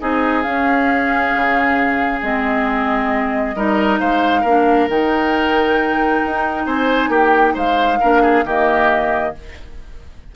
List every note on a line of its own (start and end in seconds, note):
0.00 0.45 C4
0.00 0.44 D#4
0.00 3.56 G#4
0.00 0.42 D#5
0.42 2.21 C#4
0.42 1.34 C#4
0.42 2.20 F5
1.35 2.22 C#3
2.22 3.56 G#3
2.22 3.56 C4
2.22 3.99 D#5
3.56 4.00 G3
3.56 4.45 D#4
3.56 4.00 A#4
3.99 4.44 G#3
3.99 4.41 C5
3.99 4.88 F5
4.41 4.88 A#3
4.41 6.63 A#4
4.47 4.90 D4
4.89 6.22 D#3
4.89 8.01 D#4
4.89 6.67 G5
6.26 6.66 D#4
6.66 7.09 C4
6.66 7.10 C5
6.66 7.11 G#5
7.09 7.53 A#3
7.09 7.54 G4
7.09 7.56 G5
7.54 7.99 G#3
7.54 7.98 C5
7.54 8.46 F5
8.00 8.44 A#3
8.00 8.46 D4
8.00 8.22 A#4
8.22 8.44 G#4
8.44 9.33 D#3
8.44 9.36 A#3
8.44 9.34 G4
8.44 9.35 D#5